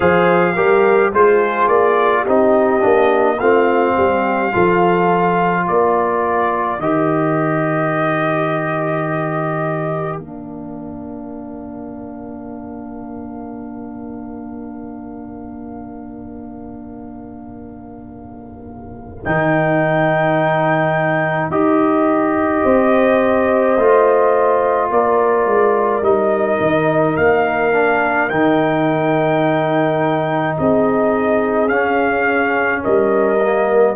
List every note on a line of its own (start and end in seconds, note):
0.00 0.55 F3
0.00 0.54 G#4
0.00 0.54 C5
0.00 1.13 F5
0.55 1.12 G3
0.55 1.12 G4
0.55 1.12 A#4
1.12 1.67 G#3
1.12 2.26 F4
1.12 2.22 G#4
1.12 1.67 C5
1.67 2.24 A#3
1.67 2.24 D5
2.22 2.83 C4
2.22 2.79 D#4
2.22 3.35 G4
2.28 3.39 D#5
2.79 3.39 A#3
2.79 3.36 D4
3.39 3.96 A3
3.39 4.51 C4
3.39 3.96 F4
3.39 5.66 F5
3.96 4.53 G3
3.96 4.52 G4
4.51 5.68 F3
4.51 6.78 F4
4.51 5.64 A4
5.64 6.79 A#3
5.64 22.62 A#4
5.64 6.80 D5
6.79 10.18 D#3
6.79 10.20 G4
6.79 10.18 D#5
10.18 19.24 A#3
10.18 19.25 D4
10.18 19.23 F5
19.24 21.50 D#3
19.24 21.51 D#4
19.24 21.51 G5
21.50 22.63 D#4
21.50 23.77 G4
21.50 24.90 D#5
22.63 23.77 C4
22.63 24.90 C5
23.77 24.90 A3
23.77 26.03 F4
24.91 25.46 A#3
24.91 30.58 A#4
24.91 26.04 D5
25.46 26.01 G#3
26.01 26.58 G3
26.01 27.72 D#4
26.01 27.17 D#5
26.60 27.17 D#3
27.17 28.30 A#3
27.17 28.29 F5
27.72 28.29 D4
28.29 30.57 D#3
28.29 31.69 D#4
28.29 30.56 G5
30.57 31.68 C4
30.57 32.82 G#4
30.57 31.68 D#5
31.68 32.81 C#4
31.68 33.39 C#4
31.68 32.81 F5
32.82 33.95 G3
32.82 33.95 A#4
32.82 33.95 D#5
33.40 33.95 A#3